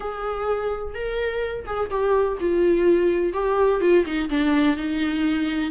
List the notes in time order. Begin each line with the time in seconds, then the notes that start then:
0.00 G#4
0.94 A#4
1.66 G#4
1.90 G4
2.40 F4
3.33 G4
3.81 F4
4.05 D#4
4.29 D4
4.76 D#4